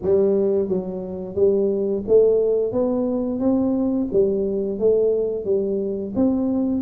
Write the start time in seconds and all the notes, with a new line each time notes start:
0.02 G3
0.68 F#3
1.35 G3
2.07 A3
2.72 B3
3.39 C4
4.12 G3
4.79 A3
5.45 G3
6.15 C4